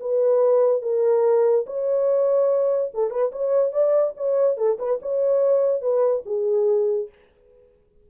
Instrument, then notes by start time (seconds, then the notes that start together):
horn
0.00 B4
0.82 A#4
1.67 C#5
2.94 A4
3.11 B4
3.32 C#5
3.72 D5
4.17 C#5
4.57 A4
4.79 B4
5.02 C#5
5.82 B4
6.26 G#4